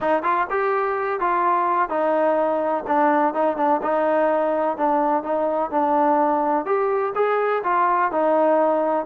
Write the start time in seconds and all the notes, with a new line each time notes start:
0.01 D#4
0.23 F4
0.50 G4
1.20 F4
1.89 D#4
2.87 D4
3.34 D#4
3.56 D4
3.82 D#4
4.77 D4
5.23 D#4
5.70 D4
6.65 G4
7.15 G#4
7.63 F4
8.11 D#4